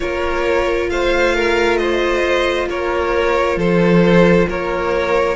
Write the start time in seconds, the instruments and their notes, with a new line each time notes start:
0.00 cello A#3, viola F4, violin A#4 C#5
0.89 cello A3, violin C5 F5
1.35 violin A#4
1.77 violin C5 D#5
2.67 cello A#3, violin A#4 C#5
3.56 cello F3, violin A4 C5
4.48 cello A#3, violin A#4 C#5